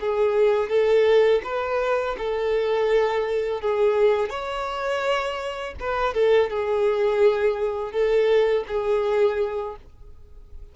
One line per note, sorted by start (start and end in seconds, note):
0.00 0.69 G#4
0.69 1.41 A4
1.44 2.16 B4
2.18 3.61 A4
3.61 4.30 G#4
4.30 5.74 C#5
5.80 6.14 B4
6.14 6.50 A4
6.50 7.92 G#4
7.92 8.64 A4
8.67 9.76 G#4